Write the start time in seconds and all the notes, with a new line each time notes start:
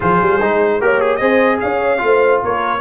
0.00 F3 F4 G#4 C5
0.21 G3
0.41 G#3 D#4
0.80 A#3 G4 A#4 C#5
1.00 G#4
1.16 C4 G#4 C5 D#5
1.60 C#4 C#5 F5
1.98 A3 F4
2.05 C5
2.43 A#3 A#4 C#5